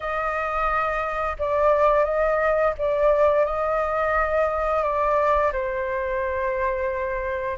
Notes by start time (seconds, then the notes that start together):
0.00 D#5
1.38 D5
2.04 D#5
2.77 D5
3.45 D#5
4.83 D5
5.52 C5